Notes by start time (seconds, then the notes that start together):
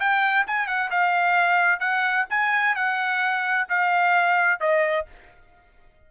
0.00 G5
0.47 G#5
0.67 F#5
0.91 F5
1.80 F#5
2.30 G#5
2.76 F#5
3.69 F5
4.60 D#5